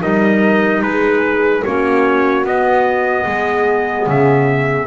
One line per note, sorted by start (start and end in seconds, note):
0.00 0.82 G3
0.00 1.62 D#4
0.00 0.82 A#4
0.00 0.83 D#5
0.82 1.64 G#3
0.82 1.65 G#4
0.82 1.64 B4
1.65 2.45 A#3
1.65 2.45 C#4
1.65 3.24 F#4
1.65 2.46 C#5
2.45 3.26 B3
2.45 4.88 B3
2.45 4.09 D#5
3.24 4.07 G#3
3.24 4.86 G#4
4.07 4.88 C#3
4.07 4.88 E5